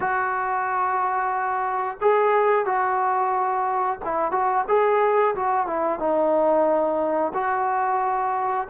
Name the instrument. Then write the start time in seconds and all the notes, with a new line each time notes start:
trombone
0.00 F#4
2.01 G#4
2.65 F#4
4.05 E4
4.31 F#4
4.68 G#4
5.35 F#4
5.67 E4
5.99 D#4
7.34 F#4